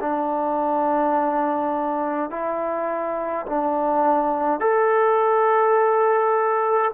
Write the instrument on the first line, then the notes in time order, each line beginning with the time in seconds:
trombone
0.00 D4
2.30 E4
3.46 D4
4.60 A4